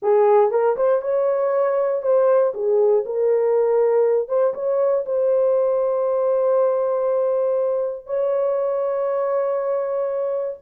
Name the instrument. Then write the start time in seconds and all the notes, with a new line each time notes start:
horn
0.02 G#4
0.50 A#4
0.76 C5
1.01 C#5
2.02 C5
2.54 G#4
3.05 A#4
4.28 C5
4.54 C#5
5.05 C5
8.06 C#5